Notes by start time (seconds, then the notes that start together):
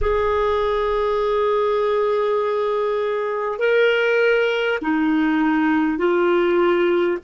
0.01 G#4
3.58 A#4
4.81 D#4
5.98 F4